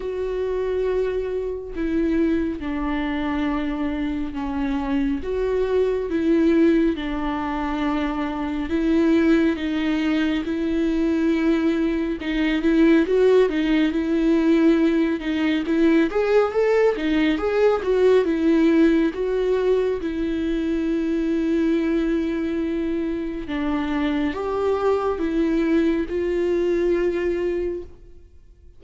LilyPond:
\new Staff \with { instrumentName = "viola" } { \time 4/4 \tempo 4 = 69 fis'2 e'4 d'4~ | d'4 cis'4 fis'4 e'4 | d'2 e'4 dis'4 | e'2 dis'8 e'8 fis'8 dis'8 |
e'4. dis'8 e'8 gis'8 a'8 dis'8 | gis'8 fis'8 e'4 fis'4 e'4~ | e'2. d'4 | g'4 e'4 f'2 | }